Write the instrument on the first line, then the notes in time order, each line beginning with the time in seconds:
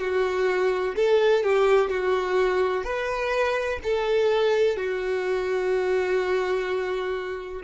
violin
0.00 F#4
0.95 A4
1.43 G4
1.90 F#4
2.84 B4
3.83 A4
4.77 F#4